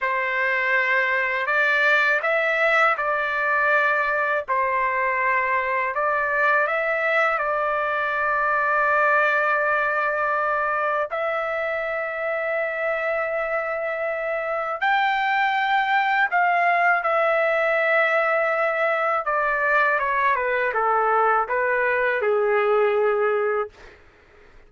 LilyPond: \new Staff \with { instrumentName = "trumpet" } { \time 4/4 \tempo 4 = 81 c''2 d''4 e''4 | d''2 c''2 | d''4 e''4 d''2~ | d''2. e''4~ |
e''1 | g''2 f''4 e''4~ | e''2 d''4 cis''8 b'8 | a'4 b'4 gis'2 | }